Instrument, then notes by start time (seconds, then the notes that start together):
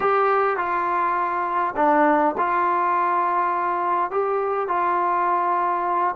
trombone
0.00 G4
0.57 F4
1.76 D4
2.37 F4
4.10 G4
4.68 F4